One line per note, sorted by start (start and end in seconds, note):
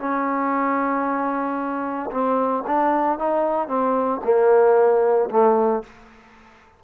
0.00 2.11 C#4
2.11 2.64 C4
2.67 3.19 D4
3.19 3.68 D#4
3.68 4.21 C4
4.25 5.30 A#3
5.31 5.83 A3